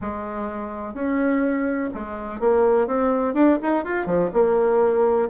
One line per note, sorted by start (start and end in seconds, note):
0.01 0.94 G#3
0.94 1.90 C#4
1.93 2.40 G#3
2.40 2.87 A#3
2.87 3.34 C4
3.34 3.58 D4
3.61 3.84 D#4
3.84 4.06 F4
4.06 4.30 F3
4.33 5.29 A#3